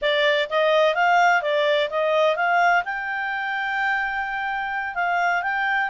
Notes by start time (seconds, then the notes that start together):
0.01 D5
0.49 D#5
0.94 F5
1.42 D5
1.90 D#5
2.36 F5
2.84 G5
4.95 F5
5.42 G5